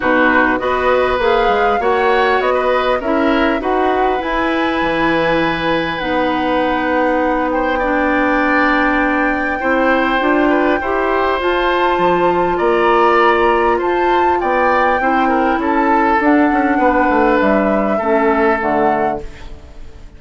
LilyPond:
<<
  \new Staff \with { instrumentName = "flute" } { \time 4/4 \tempo 4 = 100 b'4 dis''4 f''4 fis''4 | dis''4 e''4 fis''4 gis''4~ | gis''2 fis''2~ | fis''8 g''2.~ g''8~ |
g''2. a''4~ | a''4 ais''2 a''4 | g''2 a''4 fis''4~ | fis''4 e''2 fis''4 | }
  \new Staff \with { instrumentName = "oboe" } { \time 4/4 fis'4 b'2 cis''4~ | cis''16 b'8. ais'4 b'2~ | b'1~ | b'8 c''8 d''2. |
c''4. b'8 c''2~ | c''4 d''2 c''4 | d''4 c''8 ais'8 a'2 | b'2 a'2 | }
  \new Staff \with { instrumentName = "clarinet" } { \time 4/4 dis'4 fis'4 gis'4 fis'4~ | fis'4 e'4 fis'4 e'4~ | e'2 dis'2~ | dis'4 d'2. |
e'4 f'4 g'4 f'4~ | f'1~ | f'4 e'2 d'4~ | d'2 cis'4 a4 | }
  \new Staff \with { instrumentName = "bassoon" } { \time 4/4 b,4 b4 ais8 gis8 ais4 | b4 cis'4 dis'4 e'4 | e2 b2~ | b1 |
c'4 d'4 e'4 f'4 | f4 ais2 f'4 | b4 c'4 cis'4 d'8 cis'8 | b8 a8 g4 a4 d4 | }
>>